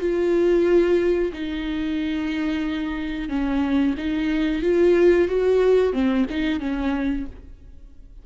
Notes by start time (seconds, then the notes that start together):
0.00 F4
1.32 D#4
3.29 C#4
3.97 D#4
4.62 F4
5.28 F#4
5.93 C4
6.30 D#4
6.60 C#4